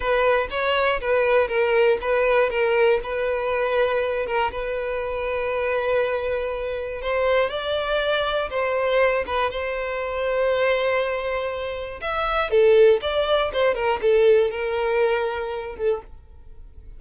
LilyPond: \new Staff \with { instrumentName = "violin" } { \time 4/4 \tempo 4 = 120 b'4 cis''4 b'4 ais'4 | b'4 ais'4 b'2~ | b'8 ais'8 b'2.~ | b'2 c''4 d''4~ |
d''4 c''4. b'8 c''4~ | c''1 | e''4 a'4 d''4 c''8 ais'8 | a'4 ais'2~ ais'8 a'8 | }